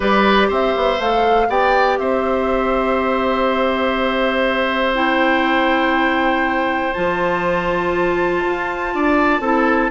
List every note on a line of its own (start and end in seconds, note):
0.00 0.50 G3
0.00 0.97 G4
0.00 0.48 B4
0.00 0.50 D5
0.48 0.74 C4
0.48 1.47 C5
0.48 1.00 E5
0.76 0.99 B3
0.99 1.48 A3
0.99 1.48 A4
0.99 1.50 F5
1.48 1.98 B3
1.48 4.94 G4
1.48 1.99 D5
1.48 1.98 G5
1.98 6.94 C4
1.98 8.93 C5
1.98 4.94 E5
4.94 6.93 E4
4.94 6.93 G5
6.93 8.45 F3
6.93 9.42 F4
6.93 9.90 A5
8.45 8.94 F4
8.94 9.39 D4
8.94 9.41 D5
9.39 9.89 C4
9.39 9.90 E4
9.39 9.90 A4